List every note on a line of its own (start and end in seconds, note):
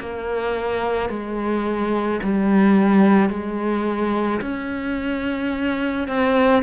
0.00 1.10 A#3
1.10 2.21 G#3
2.23 3.30 G3
3.30 4.41 G#3
4.41 6.08 C#4
6.08 6.63 C4